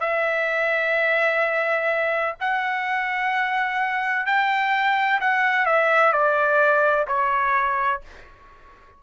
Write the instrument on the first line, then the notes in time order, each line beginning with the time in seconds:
trumpet
0.00 E5
2.40 F#5
4.26 G5
5.20 F#5
5.65 E5
6.12 D5
7.07 C#5